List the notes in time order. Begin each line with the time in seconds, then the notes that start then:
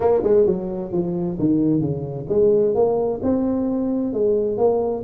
0.00 A#3
0.23 G#3
0.46 F#3
0.92 F3
1.39 D#3
1.80 C#3
2.28 G#3
2.74 A#3
3.22 C4
4.13 G#3
4.57 A#3